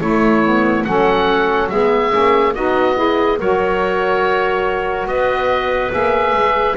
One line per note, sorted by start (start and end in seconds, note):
0.00 0.85 A3
0.00 0.44 A3
0.00 0.86 E4
0.00 0.84 C#5
0.44 0.85 B3
0.84 1.71 F#3
0.84 1.69 C#4
0.84 1.71 A4
0.84 1.68 F#5
1.69 2.13 G#3
1.69 2.11 B3
1.69 2.54 G#4
1.69 2.54 E5
2.11 2.55 A#3
2.11 2.53 C#4
2.54 3.39 B3
2.54 2.94 D#4
2.54 2.96 F#4
2.54 3.39 D#5
2.94 3.36 E4
2.94 3.39 G#4
3.39 5.06 F#3
3.39 5.89 F#4
3.39 5.08 A#4
3.39 5.07 C#5
5.06 5.90 B3
5.06 6.76 B4
5.06 5.92 D#5
5.89 6.32 A#3
5.89 6.73 G#4
5.89 6.76 E5
6.32 6.74 G#3